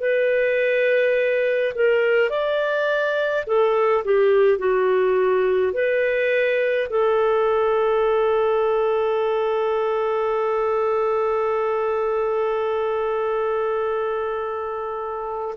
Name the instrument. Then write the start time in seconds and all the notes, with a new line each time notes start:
clarinet
0.00 B4
1.75 A#4
2.29 D5
3.47 A4
4.04 G4
4.58 F#4
5.73 B4
6.90 A4